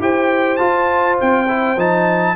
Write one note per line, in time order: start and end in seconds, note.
0.00 0.59 E4
0.00 0.59 G4
0.00 2.37 C5
0.00 0.57 G5
0.57 1.47 F4
0.57 1.19 F4
0.57 1.16 A5
1.21 1.76 C4
1.21 1.80 G5
1.48 1.77 E4
1.76 2.35 F3
1.76 2.37 D#4
1.76 2.37 A5